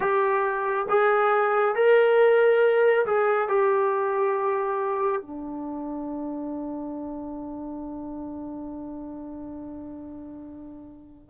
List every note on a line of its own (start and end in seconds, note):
0.00 0.86 G4
0.89 1.75 G#4
1.75 3.05 A#4
3.06 3.48 G#4
3.48 5.21 G4
5.21 11.30 D4